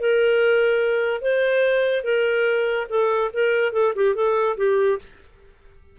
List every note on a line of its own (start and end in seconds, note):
0.00 1.22 A#4
1.22 2.04 C5
2.04 2.87 A#4
2.90 3.31 A4
3.34 3.73 A#4
3.73 3.94 A4
3.96 4.15 G4
4.15 4.57 A4
4.57 4.99 G4